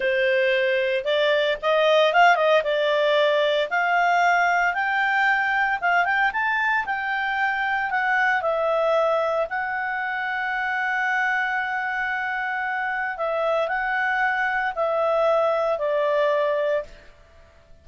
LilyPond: \new Staff \with { instrumentName = "clarinet" } { \time 4/4 \tempo 4 = 114 c''2 d''4 dis''4 | f''8 dis''8 d''2 f''4~ | f''4 g''2 f''8 g''8 | a''4 g''2 fis''4 |
e''2 fis''2~ | fis''1~ | fis''4 e''4 fis''2 | e''2 d''2 | }